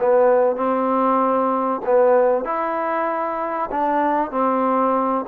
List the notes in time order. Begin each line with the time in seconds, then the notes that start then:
0.00 B3
0.56 C4
1.86 B3
2.45 E4
3.71 D4
4.31 C4